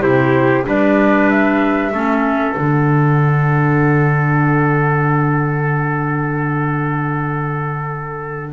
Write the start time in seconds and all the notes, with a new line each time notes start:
0.00 C3 E4 G4 C5
0.65 G3 D4 B4 D5
1.29 E5
1.92 A3 C#4 A4
2.54 D3 D4 F#5